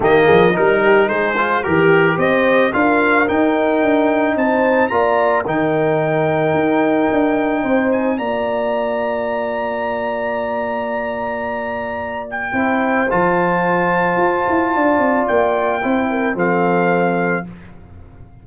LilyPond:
<<
  \new Staff \with { instrumentName = "trumpet" } { \time 4/4 \tempo 4 = 110 dis''4 ais'4 c''4 ais'4 | dis''4 f''4 g''2 | a''4 ais''4 g''2~ | g''2~ g''8 gis''8 ais''4~ |
ais''1~ | ais''2~ ais''8 g''4. | a''1 | g''2 f''2 | }
  \new Staff \with { instrumentName = "horn" } { \time 4/4 g'8 gis'8 ais'8 g'8 gis'4 g'4 | c''4 ais'2. | c''4 d''4 ais'2~ | ais'2 c''4 d''4~ |
d''1~ | d''2. c''4~ | c''2. d''4~ | d''4 c''8 ais'8 a'2 | }
  \new Staff \with { instrumentName = "trombone" } { \time 4/4 ais4 dis'4. f'8 g'4~ | g'4 f'4 dis'2~ | dis'4 f'4 dis'2~ | dis'2. f'4~ |
f'1~ | f'2. e'4 | f'1~ | f'4 e'4 c'2 | }
  \new Staff \with { instrumentName = "tuba" } { \time 4/4 dis8 f8 g4 gis4 e4 | c'4 d'4 dis'4 d'4 | c'4 ais4 dis2 | dis'4 d'4 c'4 ais4~ |
ais1~ | ais2. c'4 | f2 f'8 e'8 d'8 c'8 | ais4 c'4 f2 | }
>>